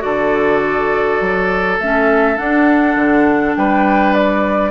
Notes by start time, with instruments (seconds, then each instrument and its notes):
0.00 bassoon D3, clarinet F#4, oboe A4, flute D5
1.20 bassoon F#3
1.79 bassoon A3, clarinet C#4, flute E5
2.37 clarinet D4, bassoon D4, flute F#5
2.96 bassoon D3
3.56 bassoon G3, oboe B4, flute G5
4.14 flute D5